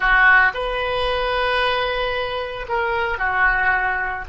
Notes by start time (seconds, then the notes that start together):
0.00 F#4
0.54 B4
2.68 A#4
3.18 F#4